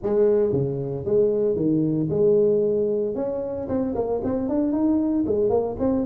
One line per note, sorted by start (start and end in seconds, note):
0.02 0.52 G#3
0.52 1.05 C#3
1.05 1.56 G#3
1.56 2.08 D#3
2.10 3.15 G#3
3.15 3.67 C#4
3.68 3.94 C4
3.95 4.21 A#3
4.24 4.49 C4
4.49 4.72 D4
4.72 5.24 D#4
5.26 5.49 G#3
5.49 5.76 A#3
5.79 6.05 C4